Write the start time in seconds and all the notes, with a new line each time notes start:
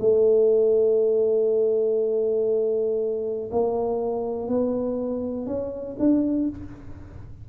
0.00 A3
3.52 A#3
4.48 B3
5.46 C#4
5.99 D4